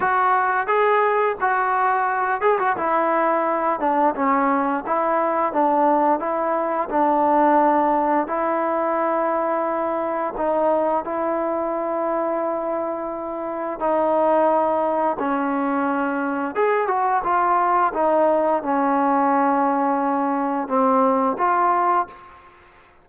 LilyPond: \new Staff \with { instrumentName = "trombone" } { \time 4/4 \tempo 4 = 87 fis'4 gis'4 fis'4. gis'16 fis'16 | e'4. d'8 cis'4 e'4 | d'4 e'4 d'2 | e'2. dis'4 |
e'1 | dis'2 cis'2 | gis'8 fis'8 f'4 dis'4 cis'4~ | cis'2 c'4 f'4 | }